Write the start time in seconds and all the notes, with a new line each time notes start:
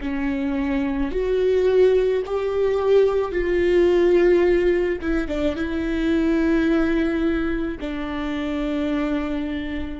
0.00 C#4
1.11 F#4
2.26 G4
3.31 F4
5.01 E4
5.28 D4
5.56 E4
7.80 D4